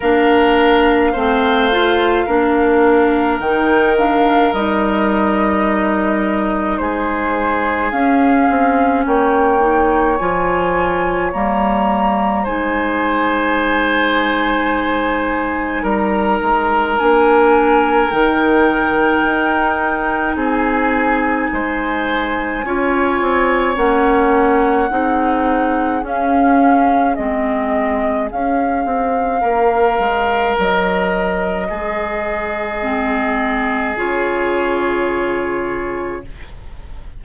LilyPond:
<<
  \new Staff \with { instrumentName = "flute" } { \time 4/4 \tempo 4 = 53 f''2. g''8 f''8 | dis''2 c''4 f''4 | g''4 gis''4 ais''4 gis''4~ | gis''2 ais''4 gis''4 |
g''2 gis''2~ | gis''4 fis''2 f''4 | dis''4 f''2 dis''4~ | dis''2 cis''2 | }
  \new Staff \with { instrumentName = "oboe" } { \time 4/4 ais'4 c''4 ais'2~ | ais'2 gis'2 | cis''2. c''4~ | c''2 ais'2~ |
ais'2 gis'4 c''4 | cis''2 gis'2~ | gis'2 ais'2 | gis'1 | }
  \new Staff \with { instrumentName = "clarinet" } { \time 4/4 d'4 c'8 f'8 d'4 dis'8 d'8 | dis'2. cis'4~ | cis'8 dis'8 f'4 ais4 dis'4~ | dis'2. d'4 |
dis'1 | f'4 cis'4 dis'4 cis'4 | c'4 cis'2.~ | cis'4 c'4 f'2 | }
  \new Staff \with { instrumentName = "bassoon" } { \time 4/4 ais4 a4 ais4 dis4 | g2 gis4 cis'8 c'8 | ais4 f4 g4 gis4~ | gis2 g8 gis8 ais4 |
dis4 dis'4 c'4 gis4 | cis'8 c'8 ais4 c'4 cis'4 | gis4 cis'8 c'8 ais8 gis8 fis4 | gis2 cis2 | }
>>